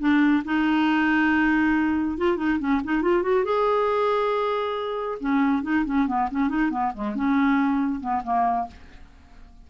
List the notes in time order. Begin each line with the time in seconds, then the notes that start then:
0.00 D4
0.45 D#4
2.18 F4
2.37 D#4
2.59 C#4
2.84 D#4
3.02 F4
3.23 F#4
3.45 G#4
5.20 C#4
5.63 D#4
5.86 C#4
6.08 B3
6.31 C#4
6.49 D#4
6.71 B3
6.94 G#3
7.16 C#4
8.01 B3
8.24 A#3